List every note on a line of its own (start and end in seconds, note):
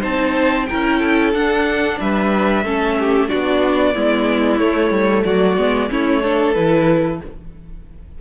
0.00 0.68 C4
0.00 0.65 D#4
0.00 0.66 C5
0.00 0.65 A5
0.65 1.34 E4
0.65 1.00 A#4
0.65 1.31 G5
0.72 1.34 C#4
1.00 1.97 A4
1.34 1.99 D4
1.34 2.64 D4
1.34 1.99 F#5
1.99 2.64 G3
1.99 2.64 B4
1.99 3.29 E5
2.64 3.29 A3
2.64 3.28 C#4
2.64 2.97 A4
2.99 3.29 G4
3.28 3.95 B3
3.28 3.93 D4
3.28 3.93 F#4
3.28 4.58 D5
3.93 4.60 G#3
3.93 4.59 B3
3.93 5.24 E4
4.58 5.56 A3
4.58 4.90 A3
4.58 5.23 C#5
4.90 5.23 G3
5.24 5.57 F#3
5.24 5.89 F#4
5.24 5.90 D5
5.57 5.90 G#3
5.57 5.89 B3
5.89 6.56 A3
5.89 6.22 C#4
5.89 6.22 E4
5.89 6.53 C#5
6.22 6.56 D4
6.22 7.20 A4
6.53 7.21 E3
6.53 7.21 E4
6.53 7.18 B4